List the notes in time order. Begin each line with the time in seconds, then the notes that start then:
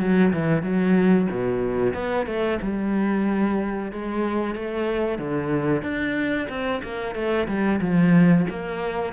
0.00 F#3
0.33 E3
0.63 F#3
1.31 B2
1.94 B3
2.26 A3
2.62 G3
3.92 G#3
4.55 A3
5.19 D3
5.83 D4
6.49 C4
6.84 A#3
7.15 A3
7.48 G3
7.81 F3
8.50 A#3